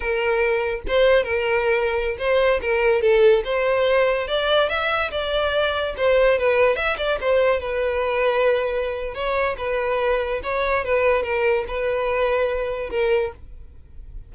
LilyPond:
\new Staff \with { instrumentName = "violin" } { \time 4/4 \tempo 4 = 144 ais'2 c''4 ais'4~ | ais'4~ ais'16 c''4 ais'4 a'8.~ | a'16 c''2 d''4 e''8.~ | e''16 d''2 c''4 b'8.~ |
b'16 e''8 d''8 c''4 b'4.~ b'16~ | b'2 cis''4 b'4~ | b'4 cis''4 b'4 ais'4 | b'2. ais'4 | }